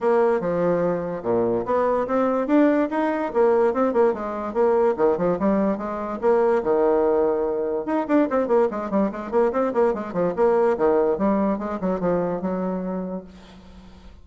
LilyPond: \new Staff \with { instrumentName = "bassoon" } { \time 4/4 \tempo 4 = 145 ais4 f2 ais,4 | b4 c'4 d'4 dis'4 | ais4 c'8 ais8 gis4 ais4 | dis8 f8 g4 gis4 ais4 |
dis2. dis'8 d'8 | c'8 ais8 gis8 g8 gis8 ais8 c'8 ais8 | gis8 f8 ais4 dis4 g4 | gis8 fis8 f4 fis2 | }